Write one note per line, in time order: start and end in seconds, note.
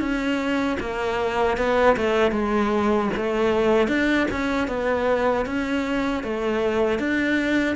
0.00 0.78 C#4
0.80 1.58 A#3
1.58 1.97 B3
1.97 2.32 A3
2.32 3.10 G#3
3.17 3.89 A3
3.89 4.28 D4
4.31 4.68 C#4
4.68 5.46 B3
5.46 6.24 C#4
6.24 6.99 A3
6.99 7.76 D4